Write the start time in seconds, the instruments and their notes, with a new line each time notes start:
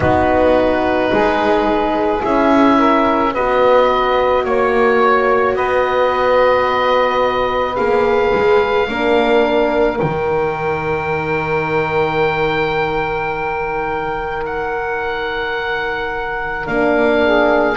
0.00 double bass B3, horn D#4, saxophone F#4, oboe B4
1.11 double bass G#3, saxophone G#4
2.21 double bass C#4, horn E4, oboe E5
2.77 saxophone A#4
3.33 double bass B3, horn F#4, saxophone B4, oboe D#5
4.44 double bass A#3, oboe C#5, saxophone C#5
5.55 double bass B3, saxophone B4, oboe D#5
7.75 double bass A#3, horn G#4, oboe F5
8.34 double bass G#3
8.88 double bass A#3, horn D4, saxophone A#4
9.98 double bass D#3, horn D#4, oboe G5
14.45 oboe F#5
16.66 double bass A#3, horn D4, oboe F5
17.23 saxophone G#4